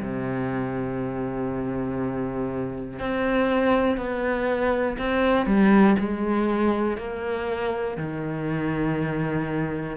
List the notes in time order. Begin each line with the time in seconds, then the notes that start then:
0.00 C3
3.00 C4
3.97 B3
4.99 C4
5.46 G3
5.99 G#3
6.98 A#3
7.98 D#3